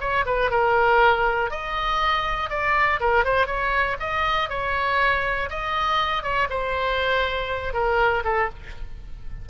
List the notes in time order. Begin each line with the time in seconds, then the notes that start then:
0.00 C#5
0.26 B4
0.50 A#4
1.51 D#5
2.50 D5
3.00 A#4
3.24 C5
3.47 C#5
4.00 D#5
4.49 C#5
5.50 D#5
6.23 C#5
6.50 C5
7.73 A#4
8.24 A4